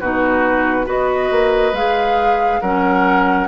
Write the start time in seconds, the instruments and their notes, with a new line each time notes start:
0.00 bassoon B2, clarinet D#4, oboe F#4, flute B4
0.85 bassoon B3, clarinet F#4, oboe B4, flute D#5
1.31 bassoon A#3
1.73 bassoon G#3, clarinet G#4, flute F5
2.61 bassoon F#3, clarinet C#4, oboe A#4, flute F#5